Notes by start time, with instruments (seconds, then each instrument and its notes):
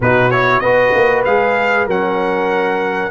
0.00 tuba B2, trombone D#4, horn F#4, trumpet B4
0.30 trombone E4, trumpet C#5
0.60 tuba B3, trombone F#4, horn B4, trumpet D#5
0.95 tuba A#3
1.24 tuba G#3, trombone G#4, trumpet F5
1.86 tuba F#3, trombone C#4, horn A#4, trumpet F#5